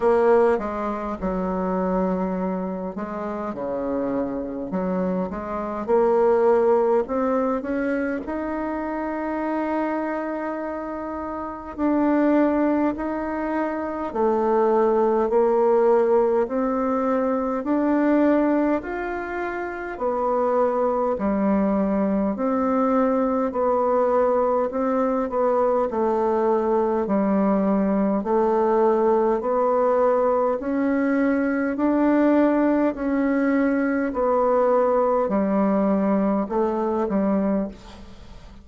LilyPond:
\new Staff \with { instrumentName = "bassoon" } { \time 4/4 \tempo 4 = 51 ais8 gis8 fis4. gis8 cis4 | fis8 gis8 ais4 c'8 cis'8 dis'4~ | dis'2 d'4 dis'4 | a4 ais4 c'4 d'4 |
f'4 b4 g4 c'4 | b4 c'8 b8 a4 g4 | a4 b4 cis'4 d'4 | cis'4 b4 g4 a8 g8 | }